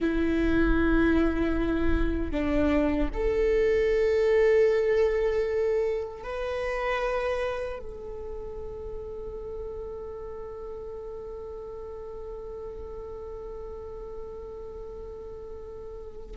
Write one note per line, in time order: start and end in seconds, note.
0.00 2.31 E4
2.31 3.09 D4
3.13 6.23 A4
6.23 7.79 B4
7.79 16.36 A4